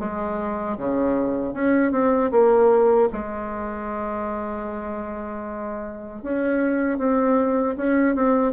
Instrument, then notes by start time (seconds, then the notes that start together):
bassoon
0.00 G#3
0.78 C#3
1.54 C#4
1.92 C4
2.32 A#3
3.13 G#3
6.23 C#4
6.98 C4
7.77 C#4
8.16 C4